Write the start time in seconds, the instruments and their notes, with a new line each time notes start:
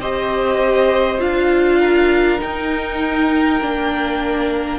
0.00 cello C4, viola G4, violin C5 D#5
1.19 cello D4, viola F4, violin F5
1.80 violin A#4
2.39 viola D#4, cello D#4, violin G5
3.61 cello A#3, viola D4